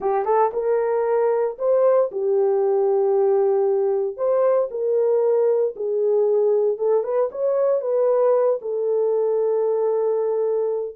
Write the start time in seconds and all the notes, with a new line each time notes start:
0.00 G4
0.25 A4
0.53 A#4
1.58 C5
2.11 G4
4.16 C5
4.70 A#4
5.76 G#4
6.77 A4
7.03 B4
7.31 C#5
7.81 B4
8.61 A4